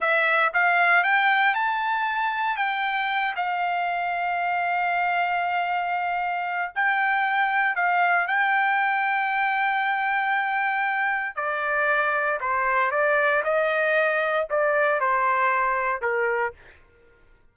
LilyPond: \new Staff \with { instrumentName = "trumpet" } { \time 4/4 \tempo 4 = 116 e''4 f''4 g''4 a''4~ | a''4 g''4. f''4.~ | f''1~ | f''4 g''2 f''4 |
g''1~ | g''2 d''2 | c''4 d''4 dis''2 | d''4 c''2 ais'4 | }